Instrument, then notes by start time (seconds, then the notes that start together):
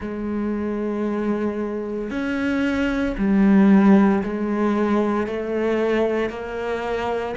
cello
0.00 G#3
2.10 C#4
3.17 G3
4.23 G#3
5.26 A3
6.29 A#3